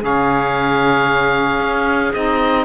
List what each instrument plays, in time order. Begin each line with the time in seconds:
0.00 cello C#3, saxophone C#4, clarinet G#4, oboe F5
1.59 cello C#4
2.13 cello C4, saxophone D#4, oboe D#5